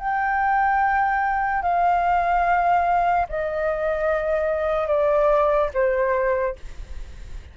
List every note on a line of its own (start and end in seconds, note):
0.00 1.63 G5
1.63 3.27 F5
3.29 4.88 D#5
4.88 5.70 D5
5.74 6.56 C5